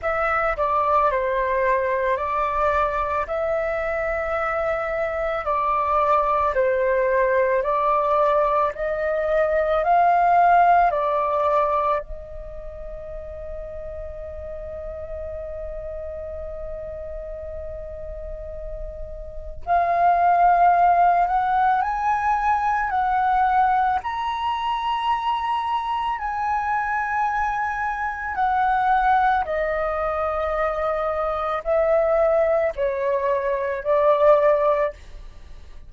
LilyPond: \new Staff \with { instrumentName = "flute" } { \time 4/4 \tempo 4 = 55 e''8 d''8 c''4 d''4 e''4~ | e''4 d''4 c''4 d''4 | dis''4 f''4 d''4 dis''4~ | dis''1~ |
dis''2 f''4. fis''8 | gis''4 fis''4 ais''2 | gis''2 fis''4 dis''4~ | dis''4 e''4 cis''4 d''4 | }